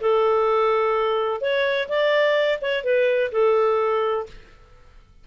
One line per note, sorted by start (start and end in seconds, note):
0.00 1.41 A4
1.41 1.88 C#5
1.88 2.59 D5
2.61 2.83 C#5
2.83 3.31 B4
3.32 4.26 A4